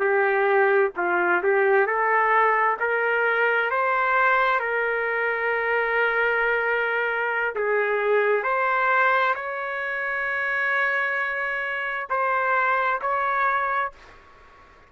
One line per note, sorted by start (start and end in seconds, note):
0.00 0.91 G4
0.97 1.43 F4
1.43 1.87 G4
1.87 2.78 A4
2.80 3.71 A#4
3.71 4.60 C5
4.60 7.55 A#4
7.56 8.44 G#4
8.44 9.35 C5
9.36 12.08 C#5
12.10 13.01 C5
13.02 13.93 C#5